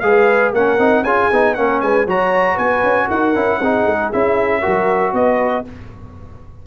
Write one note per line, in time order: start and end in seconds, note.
0.00 0.53 G#3
0.00 0.54 G#4
0.00 0.54 B4
0.00 0.51 F5
0.53 0.78 A#3
0.53 0.79 C#4
0.53 1.04 A#4
0.53 1.04 F#5
0.78 1.02 C4
0.78 1.05 D#4
1.02 1.28 C#4
1.02 1.32 F4
1.02 1.55 G#4
1.02 1.54 G#5
1.32 1.58 B3
1.32 1.56 D#4
1.54 1.82 A#3
1.54 2.08 C#4
1.54 1.83 A#4
1.54 1.80 F#5
1.81 2.07 G#3
1.81 2.07 B4
1.81 2.06 G#5
2.07 2.58 F#3
2.07 3.35 F#4
2.07 2.55 C#5
2.07 2.58 A#5
2.55 2.83 B3
2.55 3.06 B4
2.55 3.10 G#5
2.83 3.09 C#4
3.08 3.36 D#4
3.08 3.60 A#4
3.08 4.12 F#5
3.35 3.61 C#4
3.35 3.61 E4
3.60 3.86 C4
3.60 4.13 D#4
3.60 4.62 G#4
3.86 4.12 G#3
4.12 4.66 C#4
4.12 4.62 E4
4.12 5.15 E5
4.62 5.13 F#3
4.62 5.65 F#4
4.62 5.13 A#4
5.13 5.65 B3
5.13 5.67 B4
5.13 5.66 D#5